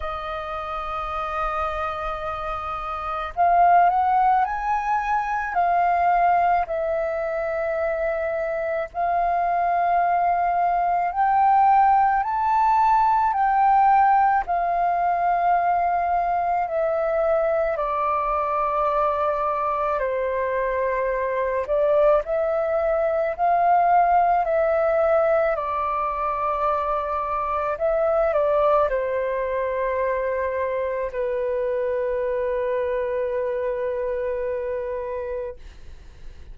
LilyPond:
\new Staff \with { instrumentName = "flute" } { \time 4/4 \tempo 4 = 54 dis''2. f''8 fis''8 | gis''4 f''4 e''2 | f''2 g''4 a''4 | g''4 f''2 e''4 |
d''2 c''4. d''8 | e''4 f''4 e''4 d''4~ | d''4 e''8 d''8 c''2 | b'1 | }